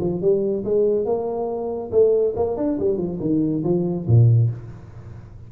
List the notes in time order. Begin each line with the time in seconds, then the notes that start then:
0.00 F3
0.21 G3
0.64 G#3
1.05 A#3
1.92 A3
2.36 A#3
2.57 D4
2.79 G3
2.98 F3
3.21 D#3
3.64 F3
4.07 A#2